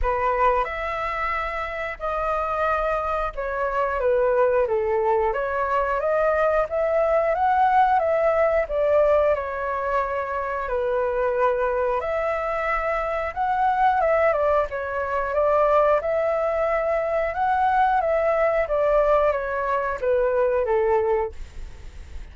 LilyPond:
\new Staff \with { instrumentName = "flute" } { \time 4/4 \tempo 4 = 90 b'4 e''2 dis''4~ | dis''4 cis''4 b'4 a'4 | cis''4 dis''4 e''4 fis''4 | e''4 d''4 cis''2 |
b'2 e''2 | fis''4 e''8 d''8 cis''4 d''4 | e''2 fis''4 e''4 | d''4 cis''4 b'4 a'4 | }